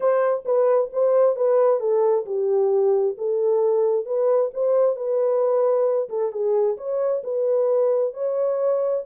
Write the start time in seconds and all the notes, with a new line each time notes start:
0.00 C5
0.45 B4
0.92 C5
1.36 B4
1.80 A4
2.25 G4
3.17 A4
4.05 B4
4.53 C5
4.96 B4
6.09 A4
6.32 G#4
6.77 C#5
7.23 B4
8.13 C#5